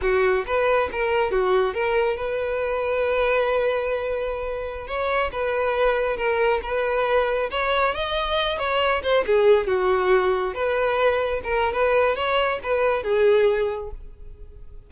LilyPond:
\new Staff \with { instrumentName = "violin" } { \time 4/4 \tempo 4 = 138 fis'4 b'4 ais'4 fis'4 | ais'4 b'2.~ | b'2.~ b'16 cis''8.~ | cis''16 b'2 ais'4 b'8.~ |
b'4~ b'16 cis''4 dis''4. cis''16~ | cis''8. c''8 gis'4 fis'4.~ fis'16~ | fis'16 b'2 ais'8. b'4 | cis''4 b'4 gis'2 | }